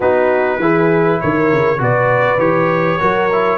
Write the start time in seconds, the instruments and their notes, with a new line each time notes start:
0.00 tuba B3, trombone D#4, horn F#4, trumpet B4
0.58 tuba E3, trombone E4, horn G#4
1.21 tuba D#3, horn A#4, trumpet C#5
1.52 tuba C#3
1.78 tuba B2, trombone F#4, horn B4, trumpet D5
2.38 tuba E3, trombone G4, trumpet C#5
2.99 tuba F#3, trombone F#4, horn A#4
3.32 trombone E4